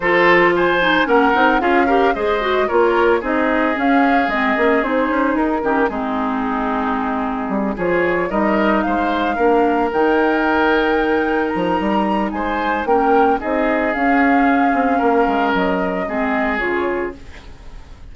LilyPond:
<<
  \new Staff \with { instrumentName = "flute" } { \time 4/4 \tempo 4 = 112 c''4 gis''4 fis''4 f''4 | dis''4 cis''4 dis''4 f''4 | dis''4 c''4 ais'4 gis'4~ | gis'2~ gis'8 cis''4 dis''8~ |
dis''8 f''2 g''4.~ | g''4. ais''4. gis''4 | g''4 dis''4 f''2~ | f''4 dis''2 cis''4 | }
  \new Staff \with { instrumentName = "oboe" } { \time 4/4 a'4 c''4 ais'4 gis'8 ais'8 | c''4 ais'4 gis'2~ | gis'2~ gis'8 g'8 dis'4~ | dis'2~ dis'8 gis'4 ais'8~ |
ais'8 c''4 ais'2~ ais'8~ | ais'2. c''4 | ais'4 gis'2. | ais'2 gis'2 | }
  \new Staff \with { instrumentName = "clarinet" } { \time 4/4 f'4. dis'8 cis'8 dis'8 f'8 g'8 | gis'8 fis'8 f'4 dis'4 cis'4 | c'8 cis'8 dis'4. cis'8 c'4~ | c'2~ c'8 f'4 dis'8~ |
dis'4. d'4 dis'4.~ | dis'1 | cis'4 dis'4 cis'2~ | cis'2 c'4 f'4 | }
  \new Staff \with { instrumentName = "bassoon" } { \time 4/4 f2 ais8 c'8 cis'4 | gis4 ais4 c'4 cis'4 | gis8 ais8 c'8 cis'8 dis'8 dis8 gis4~ | gis2 g8 f4 g8~ |
g8 gis4 ais4 dis4.~ | dis4. f8 g4 gis4 | ais4 c'4 cis'4. c'8 | ais8 gis8 fis4 gis4 cis4 | }
>>